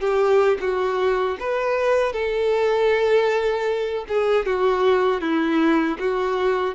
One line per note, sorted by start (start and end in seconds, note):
0.00 0.58 G4
0.60 1.37 F#4
1.39 2.12 B4
2.12 4.05 A4
4.08 4.45 G#4
4.45 5.21 F#4
5.21 5.98 E4
5.99 6.74 F#4